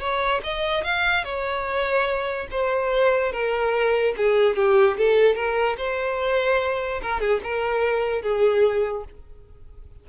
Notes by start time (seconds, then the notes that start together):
0.00 C#5
0.43 D#5
0.84 F5
1.24 C#5
2.51 C5
3.32 A#4
4.17 G#4
4.56 G4
4.97 A4
5.35 A#4
5.78 C5
7.02 A#4
7.20 G#4
7.43 A#4
8.22 G#4